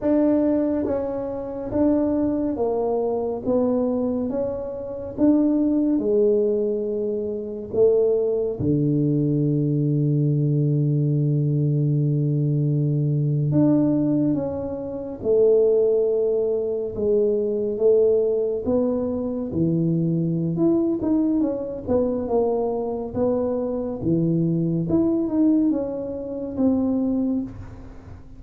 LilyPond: \new Staff \with { instrumentName = "tuba" } { \time 4/4 \tempo 4 = 70 d'4 cis'4 d'4 ais4 | b4 cis'4 d'4 gis4~ | gis4 a4 d2~ | d2.~ d8. d'16~ |
d'8. cis'4 a2 gis16~ | gis8. a4 b4 e4~ e16 | e'8 dis'8 cis'8 b8 ais4 b4 | e4 e'8 dis'8 cis'4 c'4 | }